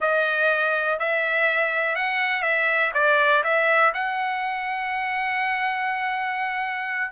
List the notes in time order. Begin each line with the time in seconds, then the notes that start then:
0.00 D#5
0.99 E5
1.95 F#5
2.42 E5
2.94 D5
3.43 E5
3.93 F#5